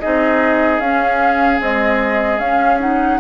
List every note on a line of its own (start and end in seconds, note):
0.00 0.79 C4
0.00 0.82 D#4
0.00 3.20 G#4
0.00 0.80 D#5
0.79 1.59 C#4
0.79 1.61 C#4
0.79 1.60 F5
1.61 2.40 G#3
1.61 2.39 C4
1.61 2.39 D#5
2.39 3.19 C#4
2.39 2.80 C#4
2.39 2.79 F5
2.80 3.20 D#4
2.80 3.20 F#5